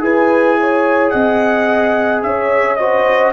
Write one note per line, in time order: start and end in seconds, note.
0.00 1.13 E4
0.00 2.78 G#4
0.00 0.59 B4
0.00 1.11 G#5
0.61 1.12 C#5
1.11 2.24 C4
1.11 2.24 D#5
1.11 2.22 F#5
2.23 3.33 C#4
2.23 2.79 C#5
2.23 2.77 E5
2.77 3.33 F#4
2.77 3.33 C5
2.77 3.32 D#5